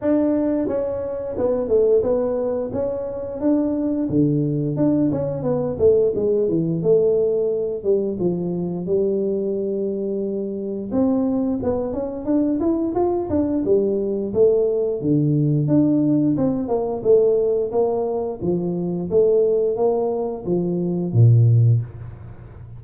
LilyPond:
\new Staff \with { instrumentName = "tuba" } { \time 4/4 \tempo 4 = 88 d'4 cis'4 b8 a8 b4 | cis'4 d'4 d4 d'8 cis'8 | b8 a8 gis8 e8 a4. g8 | f4 g2. |
c'4 b8 cis'8 d'8 e'8 f'8 d'8 | g4 a4 d4 d'4 | c'8 ais8 a4 ais4 f4 | a4 ais4 f4 ais,4 | }